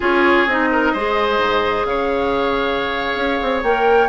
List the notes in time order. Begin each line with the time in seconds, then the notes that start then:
0.00 C#4 F4 G#4 C#5
0.46 C4 D#4 D#5
0.71 A#4
0.92 G#3 G#4 C5
1.38 G#2
1.84 C#3 C#5 F5
3.15 C#4
3.42 C4
3.62 A#3 A#4 G5